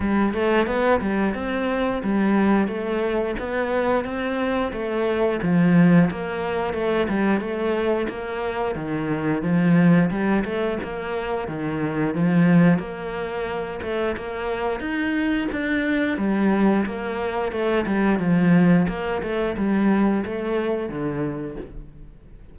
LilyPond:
\new Staff \with { instrumentName = "cello" } { \time 4/4 \tempo 4 = 89 g8 a8 b8 g8 c'4 g4 | a4 b4 c'4 a4 | f4 ais4 a8 g8 a4 | ais4 dis4 f4 g8 a8 |
ais4 dis4 f4 ais4~ | ais8 a8 ais4 dis'4 d'4 | g4 ais4 a8 g8 f4 | ais8 a8 g4 a4 d4 | }